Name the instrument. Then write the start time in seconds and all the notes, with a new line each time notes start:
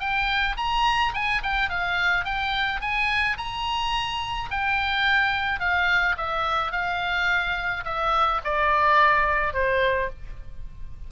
oboe
0.00 G5
0.57 A#5
1.14 G#5
1.43 G5
1.69 F5
2.25 G5
2.81 G#5
3.37 A#5
4.51 G5
5.60 F5
6.17 E5
6.72 F5
7.85 E5
8.44 D5
9.53 C5